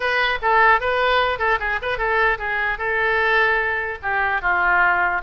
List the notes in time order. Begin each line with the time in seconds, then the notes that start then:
0.00 B4
0.42 A4
0.80 B4
1.38 A4
1.59 G#4
1.81 B4
1.98 A4
2.38 G#4
2.78 A4
4.02 G4
4.41 F4